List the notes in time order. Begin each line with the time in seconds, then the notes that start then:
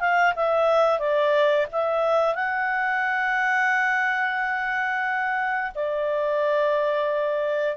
0.00 F5
0.36 E5
0.99 D5
1.72 E5
2.35 F#5
5.75 D5